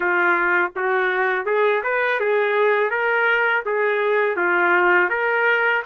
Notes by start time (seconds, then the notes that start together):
0.00 F4
0.75 F#4
1.45 G#4
1.83 B4
2.20 G#4
2.90 A#4
3.65 G#4
4.36 F4
5.09 A#4